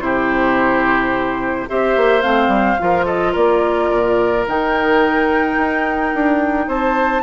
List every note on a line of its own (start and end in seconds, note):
0.00 1.67 C3
0.00 1.67 E4
0.00 1.69 G4
0.00 1.68 C5
1.69 1.96 C4
1.69 2.22 G4
1.69 2.81 C5
1.69 2.22 E5
1.96 2.24 A#3
2.22 2.48 A3
2.22 2.77 C4
2.22 3.05 F5
2.48 2.76 G3
2.79 3.36 F3
2.79 4.46 F4
2.79 3.05 A#4
3.05 3.32 A4
3.05 3.33 D#5
3.32 3.91 A#3
3.32 6.66 A#4
3.32 4.46 D5
3.91 4.47 A#2
4.47 5.57 D#3
4.47 7.23 D#4
4.47 6.70 G5
5.57 6.12 D#4
6.15 6.68 D4
6.68 7.23 C4
6.68 7.23 C5
6.68 7.23 A5